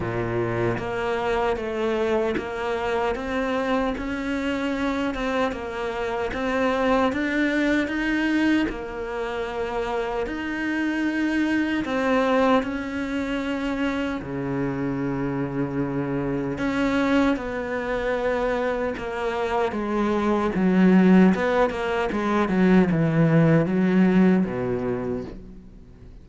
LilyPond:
\new Staff \with { instrumentName = "cello" } { \time 4/4 \tempo 4 = 76 ais,4 ais4 a4 ais4 | c'4 cis'4. c'8 ais4 | c'4 d'4 dis'4 ais4~ | ais4 dis'2 c'4 |
cis'2 cis2~ | cis4 cis'4 b2 | ais4 gis4 fis4 b8 ais8 | gis8 fis8 e4 fis4 b,4 | }